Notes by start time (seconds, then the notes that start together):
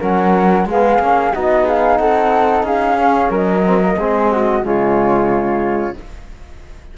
0.00 F#3 C#4 A#4 F#5
0.65 G#3 B3 G#4 F5
0.99 A#3 C#4
1.33 B3 D#4 F#4 D#5
1.65 G#4 F5
1.97 C4 A4 F#5
2.63 C#4 G#4 F5
2.97 C#4
3.30 F#3 A#4 D#5
3.66 C4
3.81 A#3
3.97 G#3 C4 G#4
4.31 F#4
4.62 C#3 G#3 F4 C#5